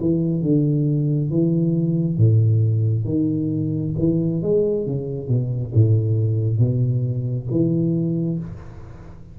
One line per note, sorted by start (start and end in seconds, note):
0.00 0.42 E3
0.42 1.30 D3
1.30 2.17 E3
2.17 3.05 A2
3.05 3.93 D#3
3.99 4.42 E3
4.42 4.86 G#3
4.86 5.28 C#3
5.28 5.72 B2
5.74 6.59 A2
6.59 7.47 B2
7.50 8.39 E3